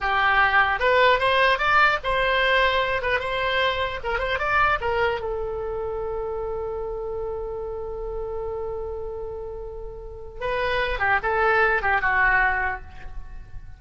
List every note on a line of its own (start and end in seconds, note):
0.00 0.79 G4
0.79 1.19 B4
1.19 1.58 C5
1.58 1.98 D5
2.03 3.01 C5
3.01 3.19 B4
3.19 3.99 C5
4.03 4.18 A#4
4.18 4.38 C5
4.38 4.78 D5
4.80 5.20 A#4
5.20 10.40 A4
10.40 10.99 B4
10.99 11.19 G4
11.22 11.81 A4
11.81 12.01 G4
12.01 12.81 F#4